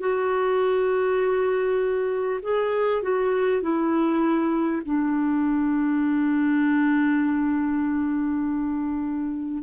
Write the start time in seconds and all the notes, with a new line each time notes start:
0.00 F#4
2.42 G#4
3.02 F#4
3.62 E4
4.85 D4